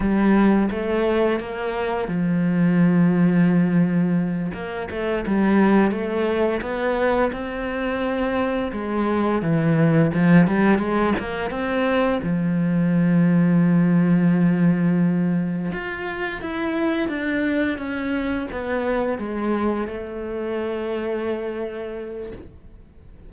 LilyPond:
\new Staff \with { instrumentName = "cello" } { \time 4/4 \tempo 4 = 86 g4 a4 ais4 f4~ | f2~ f8 ais8 a8 g8~ | g8 a4 b4 c'4.~ | c'8 gis4 e4 f8 g8 gis8 |
ais8 c'4 f2~ f8~ | f2~ f8 f'4 e'8~ | e'8 d'4 cis'4 b4 gis8~ | gis8 a2.~ a8 | }